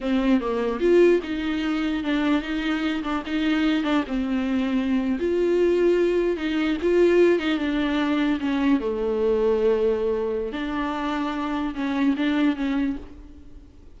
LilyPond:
\new Staff \with { instrumentName = "viola" } { \time 4/4 \tempo 4 = 148 c'4 ais4 f'4 dis'4~ | dis'4 d'4 dis'4. d'8 | dis'4. d'8 c'2~ | c'8. f'2. dis'16~ |
dis'8. f'4. dis'8 d'4~ d'16~ | d'8. cis'4 a2~ a16~ | a2 d'2~ | d'4 cis'4 d'4 cis'4 | }